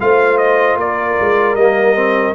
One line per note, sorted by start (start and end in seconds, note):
0.00 0.76 A3
0.00 1.58 F4
0.00 0.79 C5
0.00 0.37 F5
0.37 0.77 D#5
0.76 1.15 A#3
0.76 2.35 A#4
0.76 1.55 D5
1.20 1.54 G#3
1.54 2.33 G3
1.54 1.95 A#3
1.54 2.34 D#5
1.95 2.34 C4